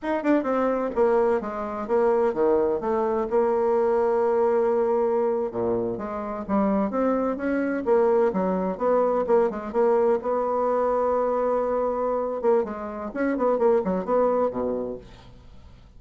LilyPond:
\new Staff \with { instrumentName = "bassoon" } { \time 4/4 \tempo 4 = 128 dis'8 d'8 c'4 ais4 gis4 | ais4 dis4 a4 ais4~ | ais2.~ ais8. ais,16~ | ais,8. gis4 g4 c'4 cis'16~ |
cis'8. ais4 fis4 b4 ais16~ | ais16 gis8 ais4 b2~ b16~ | b2~ b8 ais8 gis4 | cis'8 b8 ais8 fis8 b4 b,4 | }